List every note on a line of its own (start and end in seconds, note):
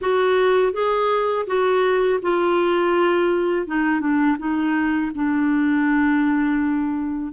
0.01 0.72 F#4
0.72 1.45 G#4
1.46 2.20 F#4
2.22 3.67 F4
3.67 4.00 D#4
4.00 4.37 D4
4.38 5.11 D#4
5.15 7.32 D4